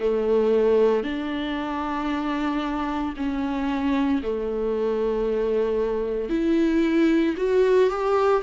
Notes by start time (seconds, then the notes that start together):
0.00 A3
1.04 D4
3.17 C#4
4.23 A3
6.30 E4
7.37 F#4
7.90 G4